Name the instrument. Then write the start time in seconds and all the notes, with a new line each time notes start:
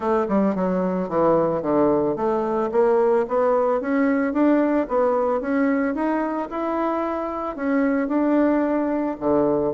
bassoon
0.00 A3
0.28 G3
0.55 F#3
1.09 E3
1.62 D3
2.16 A3
2.71 A#3
3.28 B3
3.81 C#4
4.33 D4
4.88 B3
5.40 C#4
5.95 D#4
6.49 E4
7.56 C#4
8.07 D4
9.19 D3